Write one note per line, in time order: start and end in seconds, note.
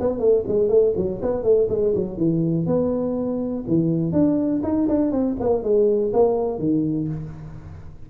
0.00 0.19 B3
0.19 0.44 A3
0.48 0.69 G#3
0.69 0.93 A3
0.97 1.21 F#3
1.22 1.43 B3
1.43 1.68 A3
1.69 1.94 G#3
1.95 2.17 F#3
2.17 2.66 E3
2.66 3.65 B3
3.68 4.12 E3
4.12 4.62 D4
4.63 4.88 D#4
4.89 5.11 D4
5.11 5.36 C4
5.40 5.63 A#3
5.63 6.12 G#3
6.13 6.59 A#3
6.59 7.08 D#3